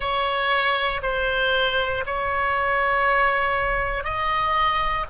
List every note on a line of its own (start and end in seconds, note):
0.00 1.01 C#5
1.02 2.04 C5
2.06 4.04 C#5
4.04 5.05 D#5